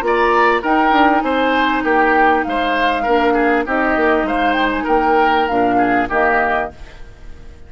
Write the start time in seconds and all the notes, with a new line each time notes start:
0.00 A#3 F4 A#5
0.06 D5
0.62 D#4 A#4 G5
0.91 D4
1.21 C4 C5 G#5
1.83 A#3 G4 G5
2.44 G#3 C5 F5
3.03 A#3 D4 A#4
3.33 G#4
3.66 C4 D#4 G4 D#5
3.96 A#3
4.23 G#3 C5 F5
4.53 G5
4.71 G#5
4.84 A#3 A#4 G5
5.47 A#2 D4 F5
5.78 G#4
6.09 D#3 A#3 G4 D#5